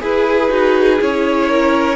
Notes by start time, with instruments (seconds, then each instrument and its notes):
0.00 cello E4, viola G#4, violin G#4 B4
0.49 cello D#4, viola F#4
1.00 cello C#4, viola E4, violin C#5
1.48 violin A#4